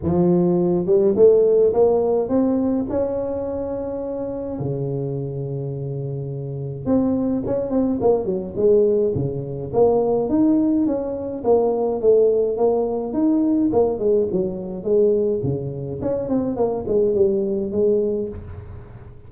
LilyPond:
\new Staff \with { instrumentName = "tuba" } { \time 4/4 \tempo 4 = 105 f4. g8 a4 ais4 | c'4 cis'2. | cis1 | c'4 cis'8 c'8 ais8 fis8 gis4 |
cis4 ais4 dis'4 cis'4 | ais4 a4 ais4 dis'4 | ais8 gis8 fis4 gis4 cis4 | cis'8 c'8 ais8 gis8 g4 gis4 | }